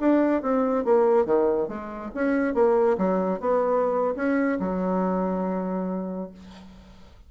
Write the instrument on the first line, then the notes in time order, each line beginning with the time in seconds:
bassoon
0.00 D4
0.42 C4
0.85 A#3
1.25 D#3
1.68 G#3
2.15 C#4
2.54 A#3
2.98 F#3
3.40 B3
4.16 C#4
4.60 F#3